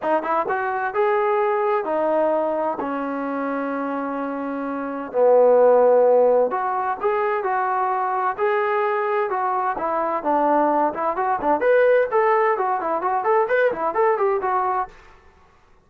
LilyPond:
\new Staff \with { instrumentName = "trombone" } { \time 4/4 \tempo 4 = 129 dis'8 e'8 fis'4 gis'2 | dis'2 cis'2~ | cis'2. b4~ | b2 fis'4 gis'4 |
fis'2 gis'2 | fis'4 e'4 d'4. e'8 | fis'8 d'8 b'4 a'4 fis'8 e'8 | fis'8 a'8 b'8 e'8 a'8 g'8 fis'4 | }